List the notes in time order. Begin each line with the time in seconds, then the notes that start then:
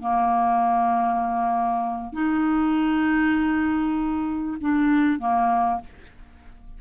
0.00 A#3
2.13 D#4
4.61 D4
5.19 A#3